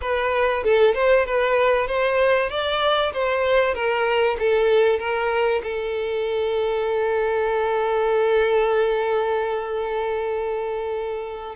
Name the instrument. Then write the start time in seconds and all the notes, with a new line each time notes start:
violin
0.01 B4
0.63 A4
0.94 C5
1.25 B4
1.87 C5
2.49 D5
3.13 C5
3.74 A#4
4.39 A4
4.99 A#4
5.63 A4